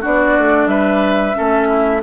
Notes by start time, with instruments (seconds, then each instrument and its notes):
0.00 bassoon B3, clarinet D4, oboe F#4, flute D5
0.38 bassoon A3
0.66 bassoon G3, oboe B4, flute E5
1.33 bassoon A3, clarinet C#4, oboe A4
1.68 oboe E4